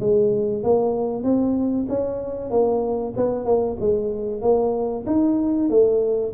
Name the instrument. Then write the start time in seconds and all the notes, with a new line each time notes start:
tuba
0.00 G#3
0.63 A#3
1.23 C4
1.89 C#4
2.51 A#3
3.17 B3
3.45 A#3
3.80 G#3
4.42 A#3
5.07 D#4
5.70 A3